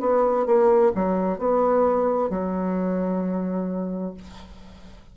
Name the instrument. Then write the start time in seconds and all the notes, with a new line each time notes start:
bassoon
0.00 B3
0.46 A#3
0.95 F#3
1.38 B3
2.30 F#3